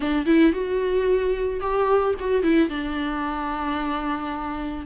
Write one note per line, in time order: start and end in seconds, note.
0.00 0.26 D4
0.26 0.52 E4
0.52 1.60 F#4
1.60 2.14 G4
2.19 2.42 F#4
2.42 2.69 E4
2.69 4.85 D4